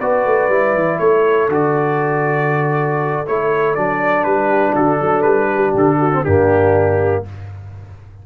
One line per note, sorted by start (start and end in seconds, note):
0.00 0.25 B3
0.00 0.50 F#4
0.00 1.00 B4
0.00 0.99 D5
0.25 0.49 A3
0.49 0.74 G3
0.49 1.50 E4
0.74 0.99 E3
0.99 1.48 A3
0.99 4.48 A4
0.99 1.49 C#5
1.48 3.23 D3
1.48 3.25 F#4
1.48 3.27 D5
3.26 3.77 A3
3.26 3.76 E4
3.26 3.75 C#5
3.75 4.25 F#3
3.75 6.12 D4
3.75 4.24 D5
4.24 4.75 G3
4.24 4.74 B4
4.48 4.73 G4
4.75 5.00 D3
4.75 5.00 F#4
4.75 5.22 A4
5.00 5.23 F#3
5.00 5.50 A4
5.22 5.73 G3
5.22 5.72 B4
5.55 5.99 G4
5.74 6.24 D3
5.74 6.24 A4
5.99 6.24 F#4
6.12 6.25 C4
6.24 7.26 G2
6.24 7.25 A#3
6.24 7.25 D4
6.24 7.24 G4